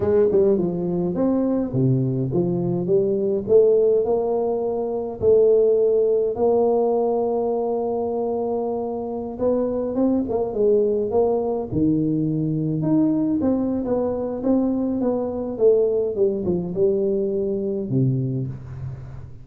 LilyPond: \new Staff \with { instrumentName = "tuba" } { \time 4/4 \tempo 4 = 104 gis8 g8 f4 c'4 c4 | f4 g4 a4 ais4~ | ais4 a2 ais4~ | ais1~ |
ais16 b4 c'8 ais8 gis4 ais8.~ | ais16 dis2 dis'4 c'8. | b4 c'4 b4 a4 | g8 f8 g2 c4 | }